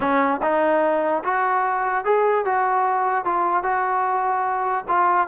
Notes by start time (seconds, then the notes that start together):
0.00 C#4
0.42 D#4
1.24 F#4
2.04 G#4
2.45 F#4
3.24 F4
3.63 F#4
4.88 F4